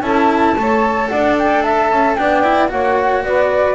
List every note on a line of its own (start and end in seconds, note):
0.00 0.54 C#4
0.00 0.56 E4
0.00 0.57 A4
0.00 1.08 A5
0.56 1.10 A3
0.56 2.17 A4
0.56 1.10 C#5
1.08 1.91 D4
1.08 1.63 D5
1.08 1.35 F#5
1.38 1.62 G5
1.62 2.16 E5
1.62 2.15 A5
1.91 2.18 C#4
2.15 2.72 B3
2.15 2.43 D4
2.15 2.70 D5
2.15 2.68 G5
2.43 2.68 E4
2.68 3.24 A#3
2.68 3.75 F#4
2.68 3.23 C#5
2.68 3.24 F#5
3.24 3.75 B3
3.24 3.75 B4
3.24 3.75 D5